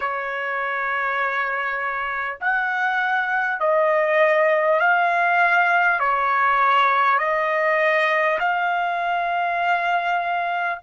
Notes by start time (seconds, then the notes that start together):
0.00 C#5
2.40 F#5
3.60 D#5
4.80 F5
5.99 C#5
7.18 D#5
8.39 F5